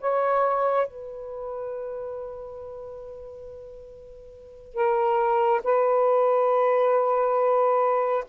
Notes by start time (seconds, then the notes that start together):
0.00 C#5
0.87 B4
4.74 A#4
5.64 B4